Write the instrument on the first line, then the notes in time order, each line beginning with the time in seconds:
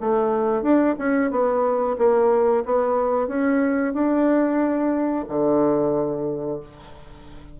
bassoon
0.00 A3
0.62 D4
0.98 C#4
1.30 B3
1.98 A#3
2.65 B3
3.27 C#4
3.93 D4
5.28 D3